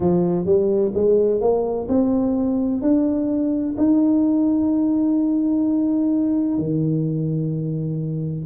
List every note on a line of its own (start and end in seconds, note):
0.00 0.45 F3
0.45 0.92 G3
0.94 1.40 G#3
1.40 1.87 A#3
1.88 2.81 C4
2.81 3.75 D4
3.78 6.58 D#4
6.58 8.45 D#3